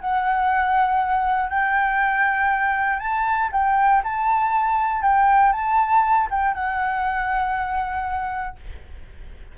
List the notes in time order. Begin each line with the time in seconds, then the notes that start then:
0.00 F#5
1.50 G5
2.99 A5
3.52 G5
4.04 A5
5.02 G5
5.53 A5
6.30 G5
6.55 F#5